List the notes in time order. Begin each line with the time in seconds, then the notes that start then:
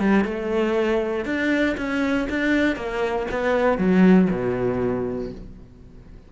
0.00 G3
0.25 A3
1.26 D4
1.78 C#4
2.30 D4
2.77 A#3
3.31 B3
3.79 F#3
4.31 B2